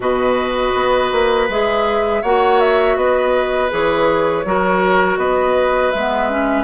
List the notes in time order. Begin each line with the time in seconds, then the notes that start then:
0.00 B2 F#4 B4 D#5
0.74 B3
1.12 A#3
1.48 G#3 G#4 E5
2.22 A#3 F#4 C#5 F#5
2.60 E5
2.96 B3 B4 D#5
3.69 E3 G#4 C#5
4.44 F#3 F#4 A#4
5.17 B3 B4 D#5
5.90 G#3 E5
5.96 B3
6.29 C#4